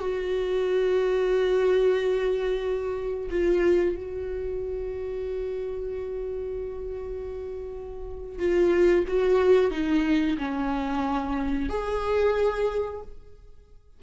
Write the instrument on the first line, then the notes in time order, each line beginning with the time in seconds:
viola
0.00 F#4
3.30 F4
3.96 F#4
8.39 F4
9.08 F#4
9.71 D#4
10.38 C#4
11.69 G#4